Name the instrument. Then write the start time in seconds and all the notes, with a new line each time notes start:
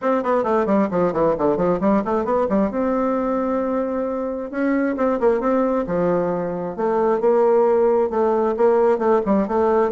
bassoon
0.01 C4
0.23 B3
0.43 A3
0.66 G3
0.90 F3
1.13 E3
1.38 D3
1.56 F3
1.80 G3
2.04 A3
2.24 B3
2.49 G3
2.71 C4
4.50 C#4
4.96 C4
5.19 A#3
5.40 C4
5.86 F3
6.76 A3
7.20 A#3
8.10 A3
8.57 A#3
8.98 A3
9.25 G3
9.47 A3